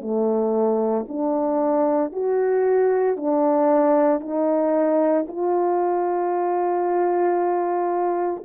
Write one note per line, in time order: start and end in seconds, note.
0.00 1.05 A3
1.08 2.12 D4
2.12 3.16 F#4
3.16 4.20 D4
4.20 5.25 D#4
5.27 8.43 F4